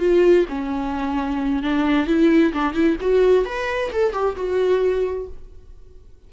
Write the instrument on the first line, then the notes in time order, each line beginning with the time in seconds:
viola
0.00 F4
0.49 C#4
1.63 D4
2.07 E4
2.54 D4
2.74 E4
3.01 F#4
3.46 B4
3.93 A4
4.13 G4
4.37 F#4